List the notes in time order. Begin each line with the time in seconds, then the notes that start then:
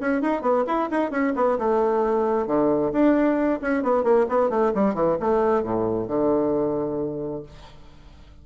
0.00 C#4
0.21 D#4
0.41 B3
0.66 E4
0.91 D#4
1.11 C#4
1.35 B3
1.58 A3
2.46 D3
2.92 D4
3.61 C#4
3.82 B3
4.03 A#3
4.29 B3
4.49 A3
4.74 G3
4.94 E3
5.20 A3
5.63 A2
6.07 D3